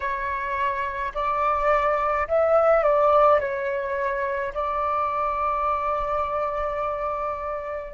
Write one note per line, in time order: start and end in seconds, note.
0.00 1.12 C#5
1.14 2.27 D5
2.27 2.83 E5
2.83 3.40 D5
3.40 4.53 C#5
4.54 7.93 D5